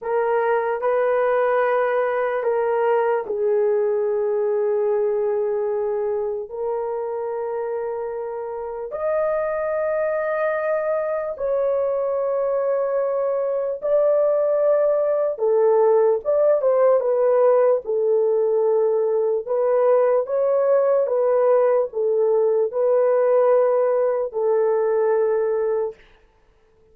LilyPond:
\new Staff \with { instrumentName = "horn" } { \time 4/4 \tempo 4 = 74 ais'4 b'2 ais'4 | gis'1 | ais'2. dis''4~ | dis''2 cis''2~ |
cis''4 d''2 a'4 | d''8 c''8 b'4 a'2 | b'4 cis''4 b'4 a'4 | b'2 a'2 | }